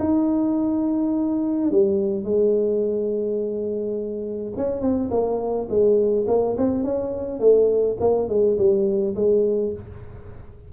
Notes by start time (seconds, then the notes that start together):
0.00 D#4
1.71 G3
2.25 G#3
4.57 C#4
4.82 C4
5.11 A#3
5.70 G#3
6.28 A#3
6.58 C4
6.84 C#4
7.40 A3
8.01 A#3
8.29 G#3
8.58 G3
9.16 G#3